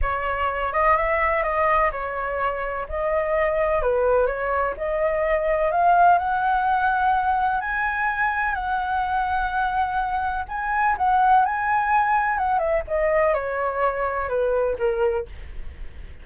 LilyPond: \new Staff \with { instrumentName = "flute" } { \time 4/4 \tempo 4 = 126 cis''4. dis''8 e''4 dis''4 | cis''2 dis''2 | b'4 cis''4 dis''2 | f''4 fis''2. |
gis''2 fis''2~ | fis''2 gis''4 fis''4 | gis''2 fis''8 e''8 dis''4 | cis''2 b'4 ais'4 | }